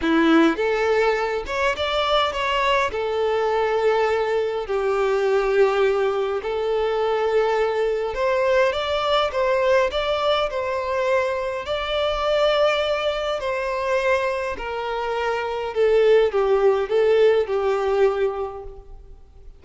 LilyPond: \new Staff \with { instrumentName = "violin" } { \time 4/4 \tempo 4 = 103 e'4 a'4. cis''8 d''4 | cis''4 a'2. | g'2. a'4~ | a'2 c''4 d''4 |
c''4 d''4 c''2 | d''2. c''4~ | c''4 ais'2 a'4 | g'4 a'4 g'2 | }